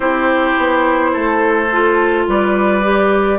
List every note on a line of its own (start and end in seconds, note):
0.00 0.54 C4
0.00 1.68 E4
0.00 1.11 G4
0.00 2.25 C5
0.57 1.14 B3
1.12 2.27 A3
1.12 2.26 A4
1.71 2.82 F4
2.27 3.39 G3
2.27 3.39 B4
2.27 3.39 D5
2.82 3.39 G4